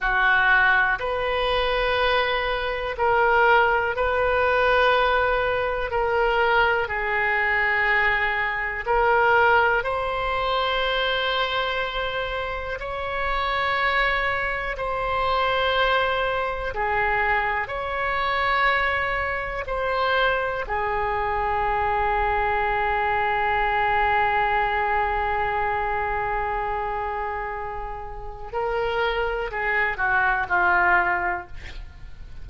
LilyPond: \new Staff \with { instrumentName = "oboe" } { \time 4/4 \tempo 4 = 61 fis'4 b'2 ais'4 | b'2 ais'4 gis'4~ | gis'4 ais'4 c''2~ | c''4 cis''2 c''4~ |
c''4 gis'4 cis''2 | c''4 gis'2.~ | gis'1~ | gis'4 ais'4 gis'8 fis'8 f'4 | }